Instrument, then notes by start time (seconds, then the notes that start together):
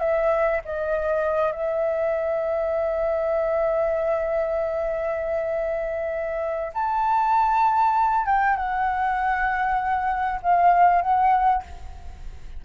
flute
0.00 E5
0.65 D#5
1.52 E5
6.74 A5
8.26 G5
8.57 F#5
10.43 F5
11.02 F#5